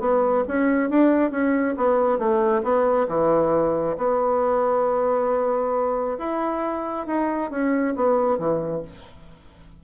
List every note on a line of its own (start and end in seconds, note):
0.00 0.44 B3
0.48 0.90 C#4
0.90 1.31 D4
1.31 1.75 C#4
1.77 2.19 B3
2.19 2.63 A3
2.63 3.07 B3
3.08 3.97 E3
3.97 6.18 B3
6.19 7.07 E4
7.07 7.51 D#4
7.51 7.95 C#4
7.96 8.38 B3
8.38 8.83 E3